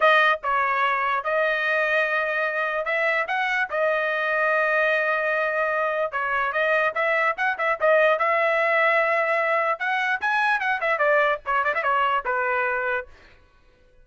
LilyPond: \new Staff \with { instrumentName = "trumpet" } { \time 4/4 \tempo 4 = 147 dis''4 cis''2 dis''4~ | dis''2. e''4 | fis''4 dis''2.~ | dis''2. cis''4 |
dis''4 e''4 fis''8 e''8 dis''4 | e''1 | fis''4 gis''4 fis''8 e''8 d''4 | cis''8 d''16 e''16 cis''4 b'2 | }